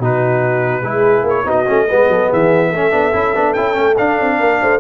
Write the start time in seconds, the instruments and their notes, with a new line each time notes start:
0.00 tuba B2, trombone D#4, horn F#4, trumpet B4
0.82 tuba G#3, trombone E4, horn G#4
1.23 tuba A#3
1.29 trumpet C#5
1.45 tuba B3, trombone D#4, horn F#4, trumpet D#5
1.67 tuba A3, trombone C#4
1.88 tuba G#3, trombone B3, horn B4
2.09 tuba F#3, horn A4
2.29 tuba E3, horn G#4, trumpet E5
2.70 tuba A3, trombone C#4, horn A4
2.92 tuba B3, trombone D4
3.13 tuba C#4, trombone E4
3.35 tuba B3, trombone D4
3.54 tuba C#4, trombone E4, trumpet G5
3.74 tuba A3, trombone C#4
3.98 trombone D4, tuba D4, trumpet F5
4.20 tuba C4
4.39 tuba A#3, horn A#4
4.62 tuba A3, horn C5